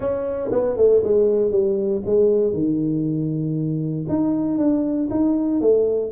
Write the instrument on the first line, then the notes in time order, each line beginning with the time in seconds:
tuba
0.00 C#4
0.51 B3
0.77 A3
1.03 G#3
1.51 G3
2.05 G#3
2.53 D#3
4.08 D#4
4.58 D4
5.10 D#4
5.60 A3